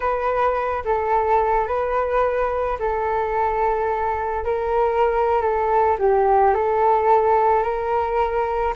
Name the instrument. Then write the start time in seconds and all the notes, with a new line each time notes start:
flute
0.00 B4
0.84 A4
1.67 B4
2.79 A4
4.44 A#4
5.41 A4
5.98 G4
6.54 A4
7.62 A#4